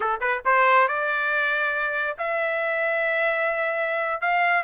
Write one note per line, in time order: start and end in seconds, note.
0.00 0.20 A4
0.20 0.42 B4
0.45 0.88 C5
0.88 2.17 D5
2.18 4.21 E5
4.21 4.63 F5